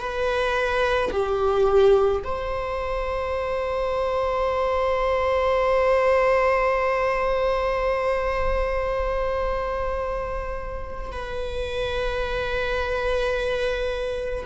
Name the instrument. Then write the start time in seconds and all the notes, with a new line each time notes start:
viola
0.00 B4
1.12 G4
2.24 C5
11.12 B4